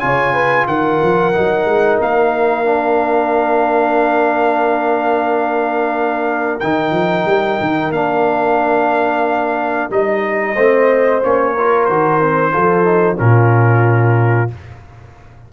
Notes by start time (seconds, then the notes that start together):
0.00 C#3 F4 C#5 G#5
0.34 B4
0.67 D#3 A#4 F#5
1.02 F3
1.33 F#3 D#4
1.65 G#3
2.00 A#3 F5
2.64 D4
6.60 D#3 D#4 G5
6.91 F3
7.26 G3
7.61 D#3
7.90 A#3 D4 F5
9.90 G3 D#4 D#5
10.54 A3 C4 C5
11.23 A#3 C#4 C#5
11.53 F4 A#4
11.85 D#3 F#4 C5
12.21 C4
12.52 F3 F4 A4
12.84 D#4
13.16 A#2 C#4 F4 A#4